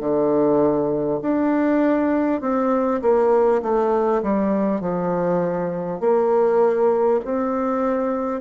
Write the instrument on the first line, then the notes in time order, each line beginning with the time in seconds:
bassoon
0.00 D3
1.22 D4
2.41 C4
3.02 A#3
3.62 A3
4.23 G3
4.81 F3
6.01 A#3
7.25 C4